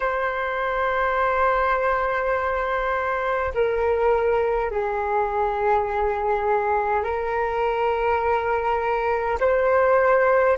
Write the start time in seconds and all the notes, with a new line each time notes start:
0.00 C5
3.54 A#4
4.71 G#4
7.03 A#4
9.40 C5